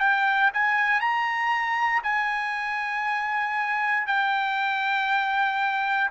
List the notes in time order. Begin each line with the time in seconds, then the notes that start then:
0.00 G5
0.54 G#5
1.00 A#5
2.03 G#5
4.07 G5